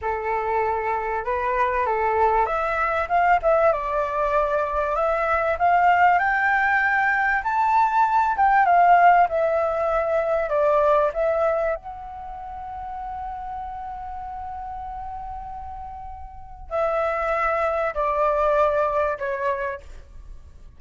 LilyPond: \new Staff \with { instrumentName = "flute" } { \time 4/4 \tempo 4 = 97 a'2 b'4 a'4 | e''4 f''8 e''8 d''2 | e''4 f''4 g''2 | a''4. g''8 f''4 e''4~ |
e''4 d''4 e''4 fis''4~ | fis''1~ | fis''2. e''4~ | e''4 d''2 cis''4 | }